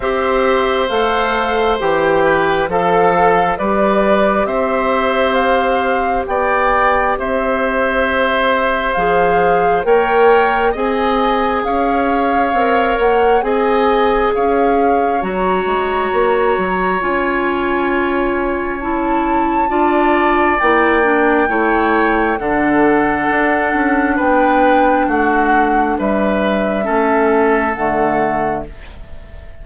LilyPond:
<<
  \new Staff \with { instrumentName = "flute" } { \time 4/4 \tempo 4 = 67 e''4 f''4 g''4 f''4 | d''4 e''4 f''4 g''4 | e''2 f''4 g''4 | gis''4 f''4. fis''8 gis''4 |
f''4 ais''2 gis''4~ | gis''4 a''2 g''4~ | g''4 fis''2 g''4 | fis''4 e''2 fis''4 | }
  \new Staff \with { instrumentName = "oboe" } { \time 4/4 c''2~ c''8 b'8 a'4 | b'4 c''2 d''4 | c''2. cis''4 | dis''4 cis''2 dis''4 |
cis''1~ | cis''2 d''2 | cis''4 a'2 b'4 | fis'4 b'4 a'2 | }
  \new Staff \with { instrumentName = "clarinet" } { \time 4/4 g'4 a'4 g'4 a'4 | g'1~ | g'2 gis'4 ais'4 | gis'2 ais'4 gis'4~ |
gis'4 fis'2 f'4~ | f'4 e'4 f'4 e'8 d'8 | e'4 d'2.~ | d'2 cis'4 a4 | }
  \new Staff \with { instrumentName = "bassoon" } { \time 4/4 c'4 a4 e4 f4 | g4 c'2 b4 | c'2 f4 ais4 | c'4 cis'4 c'8 ais8 c'4 |
cis'4 fis8 gis8 ais8 fis8 cis'4~ | cis'2 d'4 ais4 | a4 d4 d'8 cis'8 b4 | a4 g4 a4 d4 | }
>>